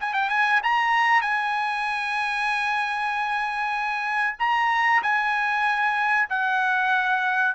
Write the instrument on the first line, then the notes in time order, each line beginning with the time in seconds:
trumpet
0.00 G#5
0.13 G5
0.29 G#5
0.63 A#5
1.21 G#5
4.39 A#5
5.02 G#5
6.29 F#5